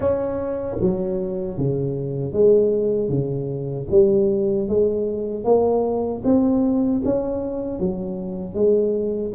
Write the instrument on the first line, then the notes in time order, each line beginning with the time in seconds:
tuba
0.00 C#4
0.80 F#3
1.57 C#3
2.32 G#3
3.09 C#3
3.90 G3
4.68 G#3
5.44 A#3
6.24 C4
7.04 C#4
7.79 F#3
8.54 G#3